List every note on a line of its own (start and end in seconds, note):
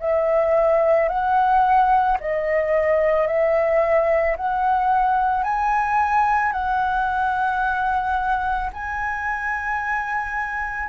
0.00 1.09 E5
1.09 2.18 F#5
2.20 3.27 D#5
3.27 4.36 E5
4.37 5.43 F#5
5.43 6.52 G#5
6.52 8.70 F#5
8.73 10.89 G#5